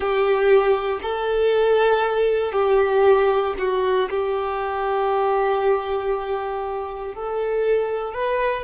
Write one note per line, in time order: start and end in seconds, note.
0.00 1.00 G4
1.02 2.52 A4
2.52 3.54 G4
3.58 4.09 F#4
4.10 7.14 G4
7.14 8.14 A4
8.14 8.63 B4